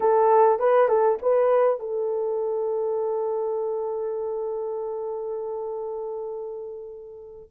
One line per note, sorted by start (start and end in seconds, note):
0.00 0.59 A4
0.59 0.88 B4
0.88 1.18 A4
1.22 1.79 B4
1.79 7.49 A4